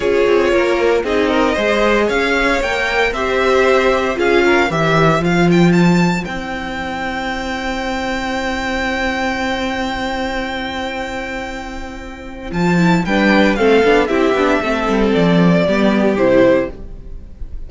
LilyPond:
<<
  \new Staff \with { instrumentName = "violin" } { \time 4/4 \tempo 4 = 115 cis''2 dis''2 | f''4 g''4 e''2 | f''4 e''4 f''8 g''8 a''4 | g''1~ |
g''1~ | g''1 | a''4 g''4 f''4 e''4~ | e''4 d''2 c''4 | }
  \new Staff \with { instrumentName = "violin" } { \time 4/4 gis'4 ais'4 gis'8 ais'8 c''4 | cis''2 c''2 | gis'8 ais'8 c''2.~ | c''1~ |
c''1~ | c''1~ | c''4 b'4 a'4 g'4 | a'2 g'2 | }
  \new Staff \with { instrumentName = "viola" } { \time 4/4 f'2 dis'4 gis'4~ | gis'4 ais'4 g'2 | f'4 g'4 f'2 | e'1~ |
e'1~ | e'1 | f'8 e'8 d'4 c'8 d'8 e'8 d'8 | c'2 b4 e'4 | }
  \new Staff \with { instrumentName = "cello" } { \time 4/4 cis'8 c'8 ais4 c'4 gis4 | cis'4 ais4 c'2 | cis'4 e4 f2 | c'1~ |
c'1~ | c'1 | f4 g4 a8 b8 c'8 b8 | a8 g8 f4 g4 c4 | }
>>